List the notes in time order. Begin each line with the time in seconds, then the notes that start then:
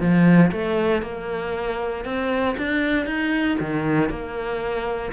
0.00 F3
0.52 A3
1.02 A#3
2.05 C4
2.58 D4
3.06 D#4
3.60 D#3
4.09 A#3